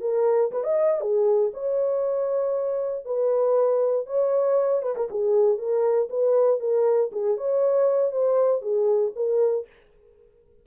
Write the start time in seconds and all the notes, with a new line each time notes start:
0.00 A#4
0.51 B4
0.63 D#5
1.01 G#4
1.53 C#5
3.05 B4
4.06 C#5
4.82 B4
4.96 A#4
5.10 G#4
5.57 A#4
6.09 B4
6.60 A#4
7.11 G#4
7.37 C#5
8.11 C5
8.61 G#4
9.15 A#4